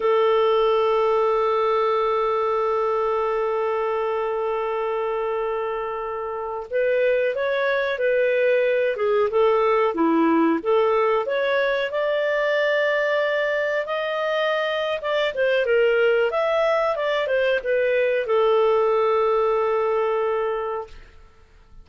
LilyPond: \new Staff \with { instrumentName = "clarinet" } { \time 4/4 \tempo 4 = 92 a'1~ | a'1~ | a'2~ a'16 b'4 cis''8.~ | cis''16 b'4. gis'8 a'4 e'8.~ |
e'16 a'4 cis''4 d''4.~ d''16~ | d''4~ d''16 dis''4.~ dis''16 d''8 c''8 | ais'4 e''4 d''8 c''8 b'4 | a'1 | }